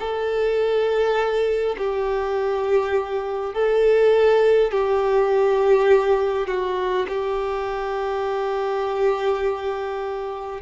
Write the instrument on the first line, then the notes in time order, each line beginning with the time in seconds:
violin
0.00 A4
1.78 G4
3.55 A4
4.72 G4
6.48 F#4
7.09 G4